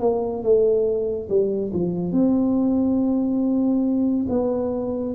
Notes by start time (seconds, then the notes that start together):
0.00 A#3
0.43 A3
1.29 G3
1.74 F3
2.12 C4
4.29 B3